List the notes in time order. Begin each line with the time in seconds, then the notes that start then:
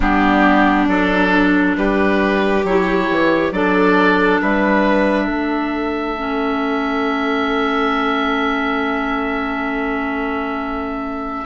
0.00 G3 B3 D4 G4
0.87 F#3 D4 A4
1.77 G3 G4 B4
2.63 F#3 E4 C#5
3.10 E3
3.51 F#3 D4 A4 D5
4.41 G3 B4 E5
5.25 A3 A4
6.17 C#4